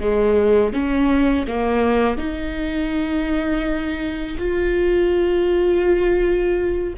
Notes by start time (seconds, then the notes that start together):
0.00 G#3
0.73 C#4
1.47 A#3
2.18 D#4
4.38 F4